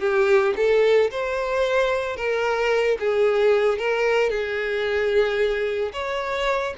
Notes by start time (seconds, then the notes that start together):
0.00 G4
0.56 A4
1.11 C5
2.16 A#4
3.00 G#4
3.78 A#4
4.30 G#4
5.93 C#5